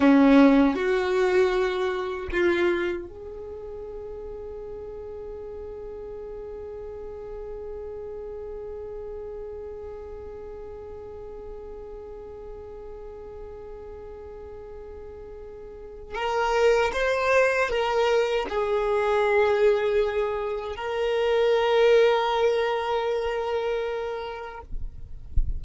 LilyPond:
\new Staff \with { instrumentName = "violin" } { \time 4/4 \tempo 4 = 78 cis'4 fis'2 f'4 | gis'1~ | gis'1~ | gis'1~ |
gis'1~ | gis'4 ais'4 c''4 ais'4 | gis'2. ais'4~ | ais'1 | }